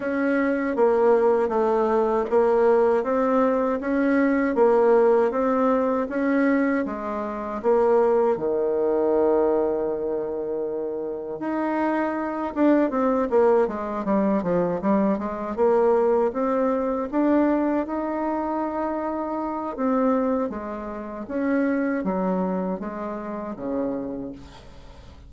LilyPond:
\new Staff \with { instrumentName = "bassoon" } { \time 4/4 \tempo 4 = 79 cis'4 ais4 a4 ais4 | c'4 cis'4 ais4 c'4 | cis'4 gis4 ais4 dis4~ | dis2. dis'4~ |
dis'8 d'8 c'8 ais8 gis8 g8 f8 g8 | gis8 ais4 c'4 d'4 dis'8~ | dis'2 c'4 gis4 | cis'4 fis4 gis4 cis4 | }